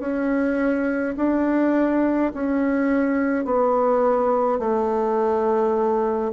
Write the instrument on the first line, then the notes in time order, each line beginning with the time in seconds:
bassoon
0.00 C#4
1.16 D4
2.34 C#4
3.45 B3
4.58 A3